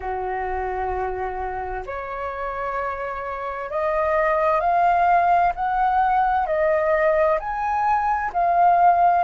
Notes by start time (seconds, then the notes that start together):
0.00 F#4
1.85 C#5
3.70 D#5
4.60 F5
5.55 F#5
6.46 D#5
7.39 G#5
8.33 F5